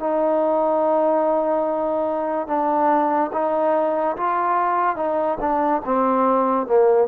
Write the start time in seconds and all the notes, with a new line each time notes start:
0.00 D#4
2.48 D4
3.33 D#4
4.17 F4
4.97 D#4
5.41 D4
5.85 C4
6.67 A#3